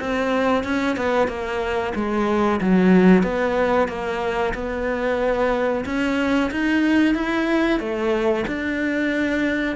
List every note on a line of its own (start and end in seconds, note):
0.00 0.64 C4
0.64 0.97 C#4
0.97 1.28 B3
1.28 1.93 A#3
1.95 2.60 G#3
2.61 3.23 F#3
3.23 3.88 B3
3.88 4.53 A#3
4.54 5.85 B3
5.85 6.51 C#4
6.51 7.15 D#4
7.15 7.80 E4
7.80 8.45 A3
8.48 9.76 D4